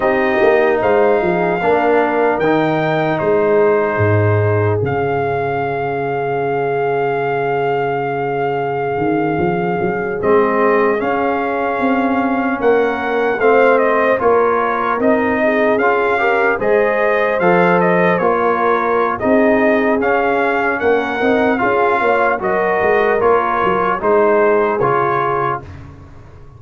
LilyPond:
<<
  \new Staff \with { instrumentName = "trumpet" } { \time 4/4 \tempo 4 = 75 dis''4 f''2 g''4 | c''2 f''2~ | f''1~ | f''8. dis''4 f''2 fis''16~ |
fis''8. f''8 dis''8 cis''4 dis''4 f''16~ | f''8. dis''4 f''8 dis''8 cis''4~ cis''16 | dis''4 f''4 fis''4 f''4 | dis''4 cis''4 c''4 cis''4 | }
  \new Staff \with { instrumentName = "horn" } { \time 4/4 g'4 c''8 gis'8 ais'2 | gis'1~ | gis'1~ | gis'2.~ gis'8. ais'16~ |
ais'8. c''4 ais'4. gis'8.~ | gis'16 ais'8 c''2~ c''16 ais'4 | gis'2 ais'4 gis'8 cis''8 | ais'2 gis'2 | }
  \new Staff \with { instrumentName = "trombone" } { \time 4/4 dis'2 d'4 dis'4~ | dis'2 cis'2~ | cis'1~ | cis'8. c'4 cis'2~ cis'16~ |
cis'8. c'4 f'4 dis'4 f'16~ | f'16 g'8 gis'4 a'4 f'4~ f'16 | dis'4 cis'4. dis'8 f'4 | fis'4 f'4 dis'4 f'4 | }
  \new Staff \with { instrumentName = "tuba" } { \time 4/4 c'8 ais8 gis8 f8 ais4 dis4 | gis4 gis,4 cis2~ | cis2.~ cis16 dis8 f16~ | f16 fis8 gis4 cis'4 c'4 ais16~ |
ais8. a4 ais4 c'4 cis'16~ | cis'8. gis4 f4 ais4~ ais16 | c'4 cis'4 ais8 c'8 cis'8 ais8 | fis8 gis8 ais8 fis8 gis4 cis4 | }
>>